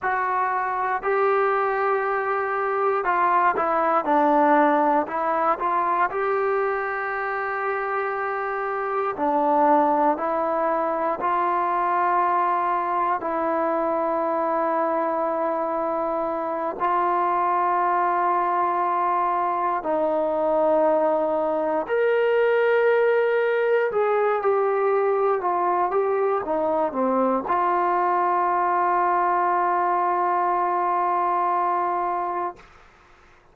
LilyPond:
\new Staff \with { instrumentName = "trombone" } { \time 4/4 \tempo 4 = 59 fis'4 g'2 f'8 e'8 | d'4 e'8 f'8 g'2~ | g'4 d'4 e'4 f'4~ | f'4 e'2.~ |
e'8 f'2. dis'8~ | dis'4. ais'2 gis'8 | g'4 f'8 g'8 dis'8 c'8 f'4~ | f'1 | }